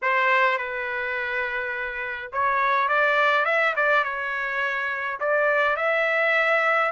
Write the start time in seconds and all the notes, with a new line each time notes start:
0.02 C5
0.58 B4
2.32 C#5
2.88 D5
3.45 E5
3.76 D5
4.04 C#5
5.19 D5
5.76 E5